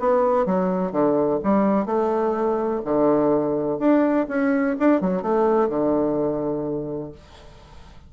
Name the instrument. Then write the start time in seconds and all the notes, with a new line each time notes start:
bassoon
0.00 B3
0.46 F#3
0.92 D3
1.43 G3
1.86 A3
2.85 D3
3.79 D4
4.28 C#4
4.79 D4
5.01 F#3
5.22 A3
5.69 D3